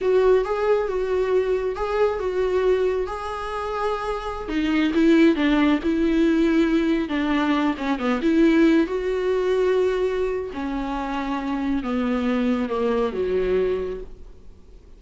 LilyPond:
\new Staff \with { instrumentName = "viola" } { \time 4/4 \tempo 4 = 137 fis'4 gis'4 fis'2 | gis'4 fis'2 gis'4~ | gis'2~ gis'16 dis'4 e'8.~ | e'16 d'4 e'2~ e'8.~ |
e'16 d'4. cis'8 b8 e'4~ e'16~ | e'16 fis'2.~ fis'8. | cis'2. b4~ | b4 ais4 fis2 | }